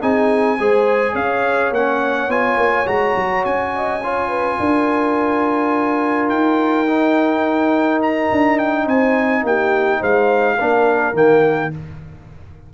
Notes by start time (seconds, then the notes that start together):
0.00 C4 D#4 G#4 G#5
0.59 G#3 G#4 C5
1.13 C#4 C#5 F5
1.71 A#3 C#4 F#5
2.27 B3 F4 G#5
2.57 A#3
2.86 G#3 F#4 A#5
3.16 F#3
3.44 C#4 G#5
3.74 D#5
4.03 F4 C#5
4.28 B4
4.59 D4 A#4
6.29 D#4 G5
6.86 D#4
8.02 A#5
8.31 D4
8.58 G5
8.85 C4 C5 G#5
9.43 A#3 G4 G5
9.99 G#3 C5 F5
10.58 A#3 D4 A#4
11.13 D#3 A#3 G5